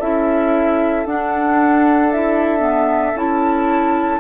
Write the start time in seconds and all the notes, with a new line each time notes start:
0.00 C#4 E4 A4 E5
1.06 D4 F#5
2.12 E4 E5
2.59 B3
3.15 C#4 E4 A5